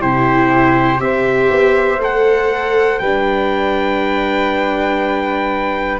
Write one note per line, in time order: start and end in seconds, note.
0.00 1.00 C3
0.00 0.97 E4
0.00 1.00 G4
0.00 1.00 C5
0.97 1.50 C4
0.97 1.97 G4
0.97 3.01 C5
0.97 2.00 E5
1.50 1.98 B3
1.98 2.98 A3
1.98 3.02 A4
1.98 2.99 F#5
2.99 5.99 G3
2.99 5.99 B4
2.99 5.99 G5
3.05 5.99 D4